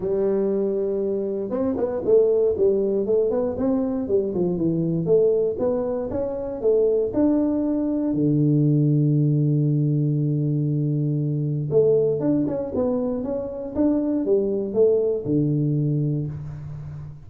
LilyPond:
\new Staff \with { instrumentName = "tuba" } { \time 4/4 \tempo 4 = 118 g2. c'8 b8 | a4 g4 a8 b8 c'4 | g8 f8 e4 a4 b4 | cis'4 a4 d'2 |
d1~ | d2. a4 | d'8 cis'8 b4 cis'4 d'4 | g4 a4 d2 | }